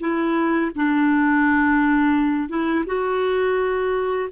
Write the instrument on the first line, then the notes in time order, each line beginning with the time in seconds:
clarinet
0.00 E4
0.76 D4
2.49 E4
2.87 F#4